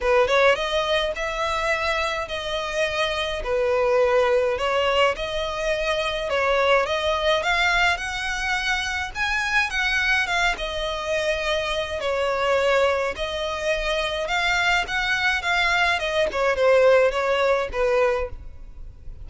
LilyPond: \new Staff \with { instrumentName = "violin" } { \time 4/4 \tempo 4 = 105 b'8 cis''8 dis''4 e''2 | dis''2 b'2 | cis''4 dis''2 cis''4 | dis''4 f''4 fis''2 |
gis''4 fis''4 f''8 dis''4.~ | dis''4 cis''2 dis''4~ | dis''4 f''4 fis''4 f''4 | dis''8 cis''8 c''4 cis''4 b'4 | }